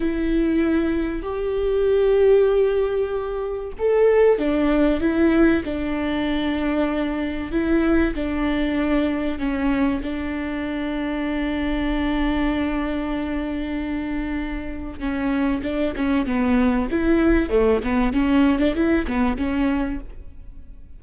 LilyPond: \new Staff \with { instrumentName = "viola" } { \time 4/4 \tempo 4 = 96 e'2 g'2~ | g'2 a'4 d'4 | e'4 d'2. | e'4 d'2 cis'4 |
d'1~ | d'1 | cis'4 d'8 cis'8 b4 e'4 | a8 b8 cis'8. d'16 e'8 b8 cis'4 | }